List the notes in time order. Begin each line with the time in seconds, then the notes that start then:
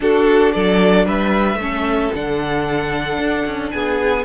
0.00 D4 F#4 A4
0.52 F#3 A4 D5
1.05 G3 B4 E5
1.55 A3 C#4
1.62 A4
2.14 D3 D4 F#5
3.18 D4
3.45 C#4
3.70 B3 G#4 G#5